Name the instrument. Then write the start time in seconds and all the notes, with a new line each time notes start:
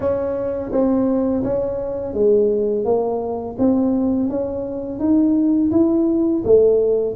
tuba
0.00 C#4
0.71 C4
1.43 C#4
2.13 G#3
2.84 A#3
3.58 C4
4.29 C#4
4.99 D#4
5.71 E4
6.44 A3